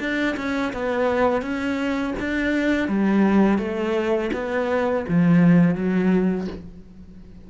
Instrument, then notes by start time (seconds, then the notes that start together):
cello
0.00 D4
0.37 C#4
0.73 B3
1.42 C#4
2.20 D4
2.88 G3
3.58 A3
4.33 B3
5.08 F3
5.75 F#3